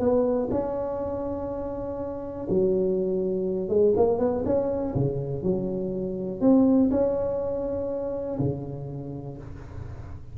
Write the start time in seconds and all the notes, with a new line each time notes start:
0.00 B3
0.51 C#4
2.50 F#3
3.70 G#3
3.97 A#3
4.19 B3
4.46 C#4
4.95 C#3
5.43 F#3
6.42 C4
6.91 C#4
8.40 C#3